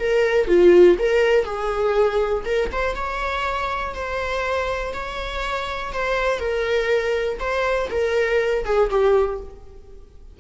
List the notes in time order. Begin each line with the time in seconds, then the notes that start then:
0.00 A#4
0.48 F4
0.99 A#4
1.45 G#4
2.46 A#4
2.73 C5
2.96 C#5
3.95 C5
4.94 C#5
5.93 C5
6.40 A#4
7.40 C5
7.91 A#4
8.66 G#4
8.91 G4